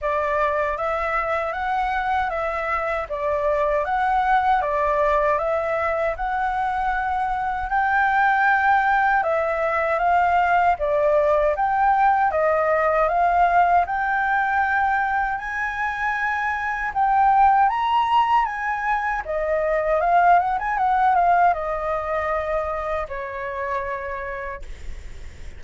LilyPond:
\new Staff \with { instrumentName = "flute" } { \time 4/4 \tempo 4 = 78 d''4 e''4 fis''4 e''4 | d''4 fis''4 d''4 e''4 | fis''2 g''2 | e''4 f''4 d''4 g''4 |
dis''4 f''4 g''2 | gis''2 g''4 ais''4 | gis''4 dis''4 f''8 fis''16 gis''16 fis''8 f''8 | dis''2 cis''2 | }